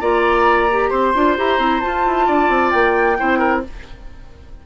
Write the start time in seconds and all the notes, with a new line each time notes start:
0.00 A#3 F4 D5 A#5
0.71 G4
0.89 C4 C5 C6
1.14 D4 F4
1.37 E4 G4 A#5
1.58 C4 E4
1.80 F4 A5
2.06 E4
2.26 D4 D5
2.49 C4
2.70 A#3 G5
3.17 C4 E4 C5
3.38 A#4